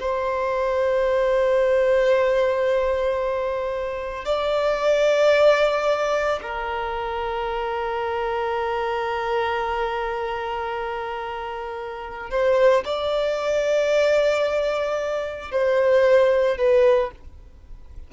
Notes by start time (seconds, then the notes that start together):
0.00 C5
4.25 D5
6.42 A#4
12.30 C5
12.85 D5
15.51 C5
16.57 B4